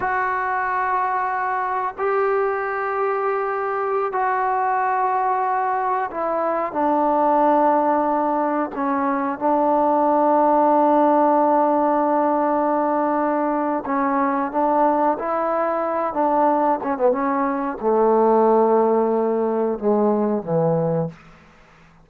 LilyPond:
\new Staff \with { instrumentName = "trombone" } { \time 4/4 \tempo 4 = 91 fis'2. g'4~ | g'2~ g'16 fis'4.~ fis'16~ | fis'4~ fis'16 e'4 d'4.~ d'16~ | d'4~ d'16 cis'4 d'4.~ d'16~ |
d'1~ | d'4 cis'4 d'4 e'4~ | e'8 d'4 cis'16 b16 cis'4 a4~ | a2 gis4 e4 | }